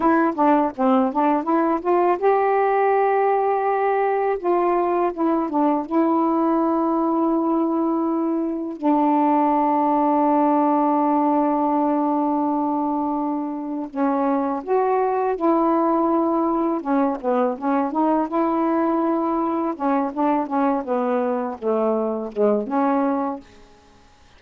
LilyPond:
\new Staff \with { instrumentName = "saxophone" } { \time 4/4 \tempo 4 = 82 e'8 d'8 c'8 d'8 e'8 f'8 g'4~ | g'2 f'4 e'8 d'8 | e'1 | d'1~ |
d'2. cis'4 | fis'4 e'2 cis'8 b8 | cis'8 dis'8 e'2 cis'8 d'8 | cis'8 b4 a4 gis8 cis'4 | }